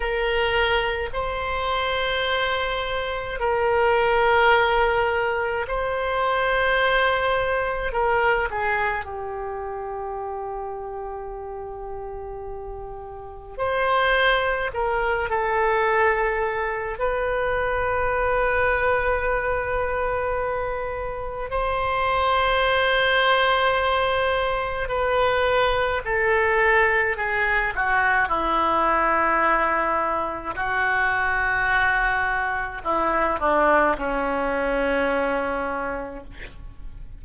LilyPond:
\new Staff \with { instrumentName = "oboe" } { \time 4/4 \tempo 4 = 53 ais'4 c''2 ais'4~ | ais'4 c''2 ais'8 gis'8 | g'1 | c''4 ais'8 a'4. b'4~ |
b'2. c''4~ | c''2 b'4 a'4 | gis'8 fis'8 e'2 fis'4~ | fis'4 e'8 d'8 cis'2 | }